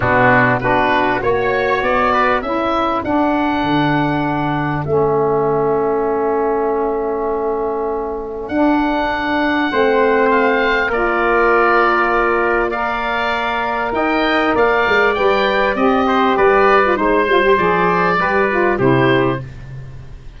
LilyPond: <<
  \new Staff \with { instrumentName = "oboe" } { \time 4/4 \tempo 4 = 99 fis'4 b'4 cis''4 d''4 | e''4 fis''2. | e''1~ | e''2 fis''2~ |
fis''4 f''4 d''2~ | d''4 f''2 g''4 | f''4 g''4 dis''4 d''4 | c''4 d''2 c''4 | }
  \new Staff \with { instrumentName = "trumpet" } { \time 4/4 d'4 fis'4 cis''4. b'8 | a'1~ | a'1~ | a'1 |
c''2 ais'2~ | ais'4 d''2 dis''4 | d''2~ d''8 c''8 b'4 | c''2 b'4 g'4 | }
  \new Staff \with { instrumentName = "saxophone" } { \time 4/4 b4 d'4 fis'2 | e'4 d'2. | cis'1~ | cis'2 d'2 |
c'2 f'2~ | f'4 ais'2.~ | ais'4 b'4 g'4.~ g'16 f'16 | dis'8 f'16 g'16 gis'4 g'8 f'8 e'4 | }
  \new Staff \with { instrumentName = "tuba" } { \time 4/4 b,4 b4 ais4 b4 | cis'4 d'4 d2 | a1~ | a2 d'2 |
a2 ais2~ | ais2. dis'4 | ais8 gis8 g4 c'4 g4 | gis8 g8 f4 g4 c4 | }
>>